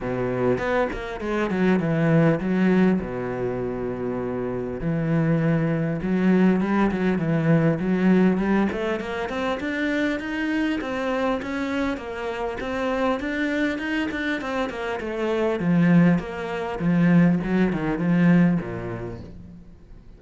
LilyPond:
\new Staff \with { instrumentName = "cello" } { \time 4/4 \tempo 4 = 100 b,4 b8 ais8 gis8 fis8 e4 | fis4 b,2. | e2 fis4 g8 fis8 | e4 fis4 g8 a8 ais8 c'8 |
d'4 dis'4 c'4 cis'4 | ais4 c'4 d'4 dis'8 d'8 | c'8 ais8 a4 f4 ais4 | f4 fis8 dis8 f4 ais,4 | }